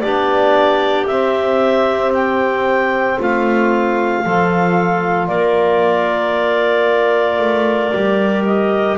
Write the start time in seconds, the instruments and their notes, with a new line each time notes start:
0.00 double bass B3, trombone D4, clarinet G4 D5
1.06 double bass C4, trombone C4, clarinet E5
2.14 clarinet G5
3.19 double bass A3, clarinet F4 F5
4.24 double bass F3, trombone F4, clarinet A4
5.27 double bass A#3, clarinet A#4 D5
7.39 double bass A3
7.94 double bass G3, trombone G4
8.45 clarinet D#5